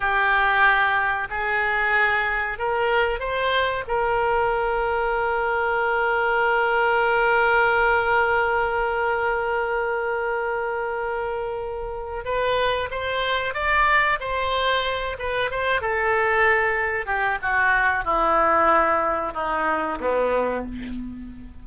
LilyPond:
\new Staff \with { instrumentName = "oboe" } { \time 4/4 \tempo 4 = 93 g'2 gis'2 | ais'4 c''4 ais'2~ | ais'1~ | ais'1~ |
ais'2. b'4 | c''4 d''4 c''4. b'8 | c''8 a'2 g'8 fis'4 | e'2 dis'4 b4 | }